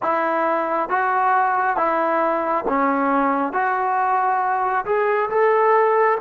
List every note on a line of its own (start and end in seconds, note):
0.02 0.89 E4
0.89 1.76 F#4
1.76 2.65 E4
2.68 3.52 C#4
3.52 4.84 F#4
4.85 5.29 G#4
5.29 6.18 A4